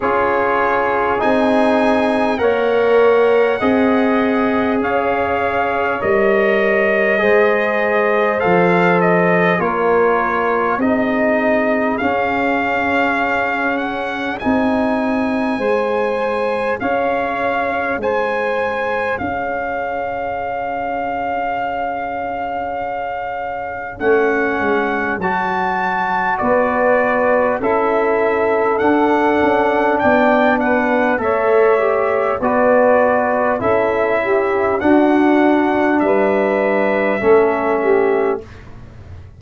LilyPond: <<
  \new Staff \with { instrumentName = "trumpet" } { \time 4/4 \tempo 4 = 50 cis''4 gis''4 fis''2 | f''4 dis''2 f''8 dis''8 | cis''4 dis''4 f''4. fis''8 | gis''2 f''4 gis''4 |
f''1 | fis''4 a''4 d''4 e''4 | fis''4 g''8 fis''8 e''4 d''4 | e''4 fis''4 e''2 | }
  \new Staff \with { instrumentName = "saxophone" } { \time 4/4 gis'2 cis''4 dis''4 | cis''2 c''2 | ais'4 gis'2.~ | gis'4 c''4 cis''4 c''4 |
cis''1~ | cis''2 b'4 a'4~ | a'4 d''8 b'8 cis''4 b'4 | a'8 g'8 fis'4 b'4 a'8 g'8 | }
  \new Staff \with { instrumentName = "trombone" } { \time 4/4 f'4 dis'4 ais'4 gis'4~ | gis'4 ais'4 gis'4 a'4 | f'4 dis'4 cis'2 | dis'4 gis'2.~ |
gis'1 | cis'4 fis'2 e'4 | d'2 a'8 g'8 fis'4 | e'4 d'2 cis'4 | }
  \new Staff \with { instrumentName = "tuba" } { \time 4/4 cis'4 c'4 ais4 c'4 | cis'4 g4 gis4 f4 | ais4 c'4 cis'2 | c'4 gis4 cis'4 gis4 |
cis'1 | a8 gis8 fis4 b4 cis'4 | d'8 cis'8 b4 a4 b4 | cis'4 d'4 g4 a4 | }
>>